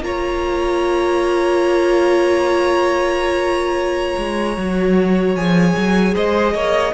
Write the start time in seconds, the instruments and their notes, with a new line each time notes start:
0.00 cello A#3, viola F4, violin C#5 A#5
4.18 cello G#3
4.57 cello F#3, viola F#4
5.35 cello F3, viola G#4, violin G#5
5.76 cello F#3
6.14 cello G#3, violin C5 D#5
6.54 cello A#3, violin C#5